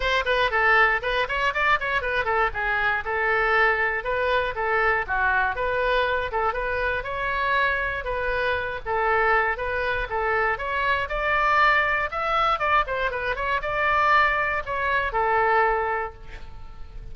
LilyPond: \new Staff \with { instrumentName = "oboe" } { \time 4/4 \tempo 4 = 119 c''8 b'8 a'4 b'8 cis''8 d''8 cis''8 | b'8 a'8 gis'4 a'2 | b'4 a'4 fis'4 b'4~ | b'8 a'8 b'4 cis''2 |
b'4. a'4. b'4 | a'4 cis''4 d''2 | e''4 d''8 c''8 b'8 cis''8 d''4~ | d''4 cis''4 a'2 | }